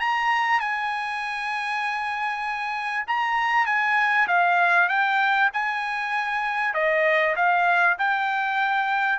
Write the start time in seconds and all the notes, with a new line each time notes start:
0.00 A#5
0.60 G#5
3.07 A#5
3.66 G#5
4.28 F5
4.89 G5
5.54 G#5
6.74 D#5
7.36 F5
7.99 G5